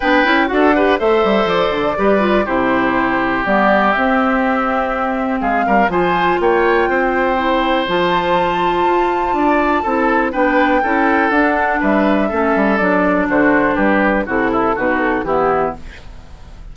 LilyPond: <<
  \new Staff \with { instrumentName = "flute" } { \time 4/4 \tempo 4 = 122 g''4 fis''4 e''4 d''4~ | d''4 c''2 d''4 | e''2. f''4 | gis''4 g''2. |
a''1~ | a''4 g''2 fis''4 | e''2 d''4 c''4 | b'4 a'4 b'8 a'8 g'4 | }
  \new Staff \with { instrumentName = "oboe" } { \time 4/4 b'4 a'8 b'8 c''2 | b'4 g'2.~ | g'2. gis'8 ais'8 | c''4 cis''4 c''2~ |
c''2. d''4 | a'4 b'4 a'2 | b'4 a'2 fis'4 | g'4 fis'8 e'8 fis'4 e'4 | }
  \new Staff \with { instrumentName = "clarinet" } { \time 4/4 d'8 e'8 fis'8 g'8 a'2 | g'8 f'8 e'2 b4 | c'1 | f'2. e'4 |
f'1 | e'4 d'4 e'4 d'4~ | d'4 cis'4 d'2~ | d'4 e'4 dis'4 b4 | }
  \new Staff \with { instrumentName = "bassoon" } { \time 4/4 b8 cis'8 d'4 a8 g8 f8 d8 | g4 c2 g4 | c'2. gis8 g8 | f4 ais4 c'2 |
f2 f'4 d'4 | c'4 b4 cis'4 d'4 | g4 a8 g8 fis4 d4 | g4 c4 b,4 e4 | }
>>